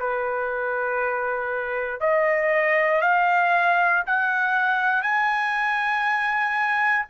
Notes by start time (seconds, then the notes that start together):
0.00 B4
2.01 D#5
3.02 F5
4.07 F#5
5.03 G#5